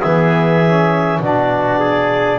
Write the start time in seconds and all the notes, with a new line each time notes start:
0.00 E3 B3 G#4 E5
0.65 C#4
1.20 B2 D4 F#4 D5
1.79 G#4